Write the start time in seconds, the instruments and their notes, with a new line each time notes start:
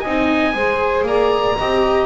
0.00 double bass C4, saxophone D#5, oboe G#5
0.06 viola D#4
0.53 double bass G#3, viola G#4, saxophone C5
1.03 double bass A#3, saxophone D5, oboe A#5
1.59 double bass C4, viola G4, saxophone D#5